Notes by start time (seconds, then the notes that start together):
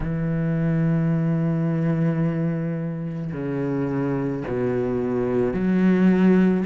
0.00 E3
3.32 C#3
4.47 B2
5.53 F#3